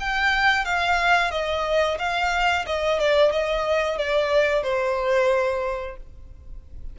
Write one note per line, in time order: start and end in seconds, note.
0.00 0.65 G5
0.65 1.32 F5
1.32 1.98 D#5
1.99 2.66 F5
2.67 3.00 D#5
3.00 3.32 D5
3.32 3.98 D#5
3.98 4.64 D5
4.64 5.97 C5